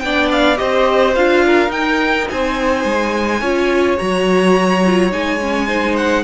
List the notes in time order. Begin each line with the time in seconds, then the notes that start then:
0.00 B3 D4 D5 G5
0.32 F5
0.57 C4 G4 C5 D#5
1.15 D4 F4 F5
1.46 A#4
1.68 D#4 G5
2.30 C4 C5 G#5
2.85 G#3
3.41 C#4 F4 C#5
3.97 F#3 F#4 A#5
4.86 F4
5.11 G#3 D#4 G#5
5.41 C#4
5.67 D#4 C5
5.96 F#5